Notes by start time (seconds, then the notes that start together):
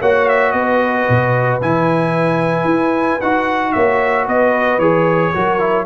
0.00 A#3 F#4 C#5 F#5
0.28 E5
0.51 B3 B4 D#5
1.09 B2
1.61 E3 E4 G#5
2.64 E4
3.21 D#4 F#4 F#5
3.72 A#3 C#5 E5
4.25 B3 B4 D#5
4.78 E3 G#4 C#5
5.34 F#3 F#4 A#4
5.59 E4